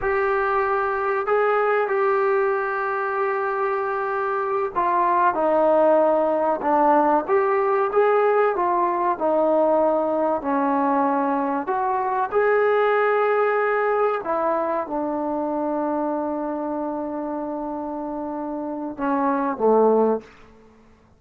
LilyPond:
\new Staff \with { instrumentName = "trombone" } { \time 4/4 \tempo 4 = 95 g'2 gis'4 g'4~ | g'2.~ g'8 f'8~ | f'8 dis'2 d'4 g'8~ | g'8 gis'4 f'4 dis'4.~ |
dis'8 cis'2 fis'4 gis'8~ | gis'2~ gis'8 e'4 d'8~ | d'1~ | d'2 cis'4 a4 | }